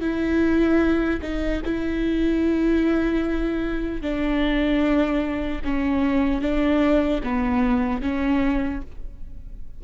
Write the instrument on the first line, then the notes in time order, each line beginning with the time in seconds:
viola
0.00 E4
1.21 D#4
1.64 E4
4.01 D4
5.64 C#4
6.41 D4
7.23 B3
8.01 C#4